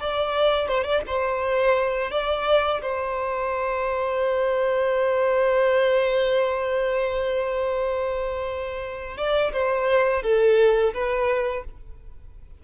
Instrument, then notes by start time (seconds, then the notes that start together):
violin
0.00 D5
0.68 C5
0.83 D5
1.06 C5
2.11 D5
2.82 C5
9.17 D5
9.53 C5
10.23 A4
10.93 B4